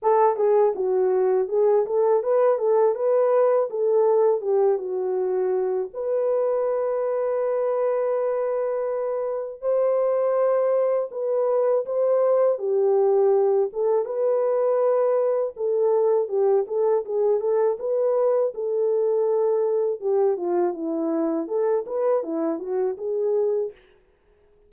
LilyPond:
\new Staff \with { instrumentName = "horn" } { \time 4/4 \tempo 4 = 81 a'8 gis'8 fis'4 gis'8 a'8 b'8 a'8 | b'4 a'4 g'8 fis'4. | b'1~ | b'4 c''2 b'4 |
c''4 g'4. a'8 b'4~ | b'4 a'4 g'8 a'8 gis'8 a'8 | b'4 a'2 g'8 f'8 | e'4 a'8 b'8 e'8 fis'8 gis'4 | }